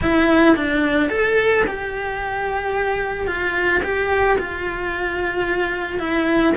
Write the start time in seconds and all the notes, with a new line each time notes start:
0.01 E4
0.56 D4
1.09 A4
1.67 G4
3.27 F4
3.83 G4
4.38 F4
5.99 E4